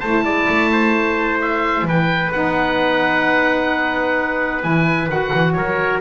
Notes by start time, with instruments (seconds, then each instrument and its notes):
0.00 double bass A3, saxophone E4, trumpet C5, oboe A5
0.25 double bass G#3, trumpet D5
0.49 double bass A3
0.72 trumpet C5
1.41 oboe E5
1.82 double bass E3, trumpet B4
1.89 oboe G5
2.32 double bass B3, saxophone D#4, oboe F#5
4.62 double bass E3, saxophone E4, oboe G#5
5.08 double bass D#3, saxophone F#4, oboe F#5
5.34 double bass E3
5.53 double bass F#3, trumpet A#4, oboe C#5